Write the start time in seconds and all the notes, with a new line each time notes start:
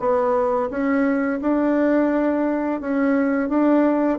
0.00 B3
0.70 C#4
1.42 D4
2.81 C#4
3.49 D4